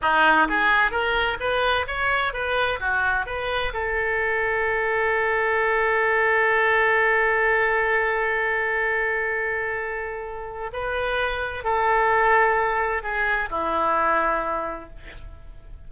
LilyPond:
\new Staff \with { instrumentName = "oboe" } { \time 4/4 \tempo 4 = 129 dis'4 gis'4 ais'4 b'4 | cis''4 b'4 fis'4 b'4 | a'1~ | a'1~ |
a'1~ | a'2. b'4~ | b'4 a'2. | gis'4 e'2. | }